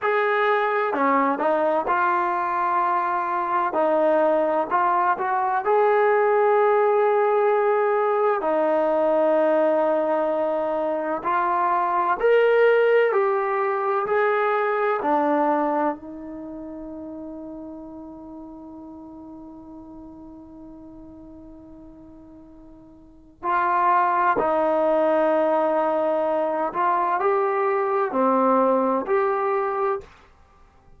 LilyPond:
\new Staff \with { instrumentName = "trombone" } { \time 4/4 \tempo 4 = 64 gis'4 cis'8 dis'8 f'2 | dis'4 f'8 fis'8 gis'2~ | gis'4 dis'2. | f'4 ais'4 g'4 gis'4 |
d'4 dis'2.~ | dis'1~ | dis'4 f'4 dis'2~ | dis'8 f'8 g'4 c'4 g'4 | }